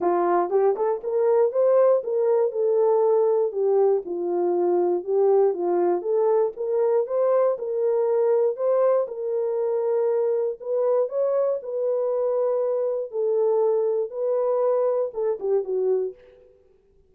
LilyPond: \new Staff \with { instrumentName = "horn" } { \time 4/4 \tempo 4 = 119 f'4 g'8 a'8 ais'4 c''4 | ais'4 a'2 g'4 | f'2 g'4 f'4 | a'4 ais'4 c''4 ais'4~ |
ais'4 c''4 ais'2~ | ais'4 b'4 cis''4 b'4~ | b'2 a'2 | b'2 a'8 g'8 fis'4 | }